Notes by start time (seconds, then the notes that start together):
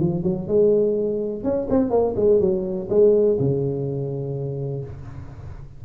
0.00 F3
0.23 F#3
0.47 G#3
1.43 C#4
1.70 C4
1.90 A#3
2.16 G#3
2.40 F#3
2.89 G#3
3.39 C#3